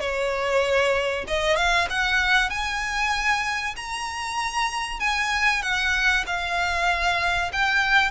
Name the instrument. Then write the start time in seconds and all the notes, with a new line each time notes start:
violin
0.00 C#5
1.27 D#5
1.56 F5
1.90 F#5
2.50 G#5
3.76 A#5
5.00 G#5
5.62 F#5
6.26 F5
7.53 G5